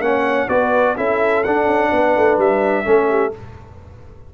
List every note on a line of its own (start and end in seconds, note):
0.00 0.47 A#3
0.00 0.48 C#4
0.00 0.49 C#5
0.00 0.48 F#5
0.48 0.95 B3
0.48 0.96 F#4
0.48 0.96 B4
0.48 0.95 D5
0.96 1.45 C#4
0.96 1.44 E4
0.96 1.90 A4
0.96 1.43 E5
1.43 1.66 D4
1.43 2.84 D4
1.43 2.38 F#5
1.66 1.90 C#4
1.90 2.16 B3
1.90 2.84 B4
2.16 2.37 A3
2.37 2.84 G3
2.37 3.34 E5
2.84 3.33 A3
2.84 3.31 C#4
2.84 3.09 A4
3.09 3.32 G4